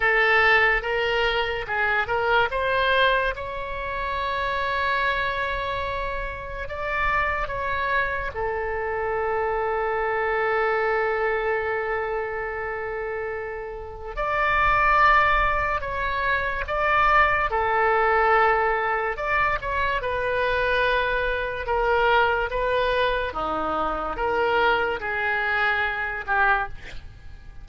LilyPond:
\new Staff \with { instrumentName = "oboe" } { \time 4/4 \tempo 4 = 72 a'4 ais'4 gis'8 ais'8 c''4 | cis''1 | d''4 cis''4 a'2~ | a'1~ |
a'4 d''2 cis''4 | d''4 a'2 d''8 cis''8 | b'2 ais'4 b'4 | dis'4 ais'4 gis'4. g'8 | }